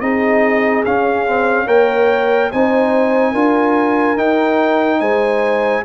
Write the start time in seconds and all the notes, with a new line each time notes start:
0.00 C4 D#4 G#4 D#5
0.85 C#4 F5
1.26 C4
1.66 A#3 A#4 C#5 G5
2.51 C4 D#4 C5 G#5
3.32 D4 F4 A#4
4.17 D#4 G5
5.00 G#3 C5 G#5